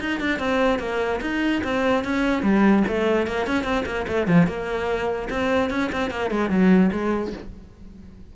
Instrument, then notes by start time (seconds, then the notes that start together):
cello
0.00 D#4
0.20 D4
0.39 C4
0.79 A#3
1.21 D#4
1.63 C4
2.04 C#4
2.42 G3
2.87 A3
3.27 A#3
3.46 C#4
3.63 C4
3.85 A#3
4.07 A3
4.27 F3
4.47 A#3
5.29 C4
5.70 C#4
5.92 C4
6.10 A#3
6.30 G#3
6.50 F#3
6.92 G#3